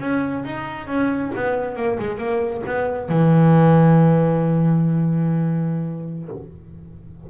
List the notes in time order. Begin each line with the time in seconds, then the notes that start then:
0.00 C#4
0.45 D#4
0.87 C#4
1.35 B3
1.76 A#3
1.99 G#3
2.18 A#3
2.67 B3
3.09 E3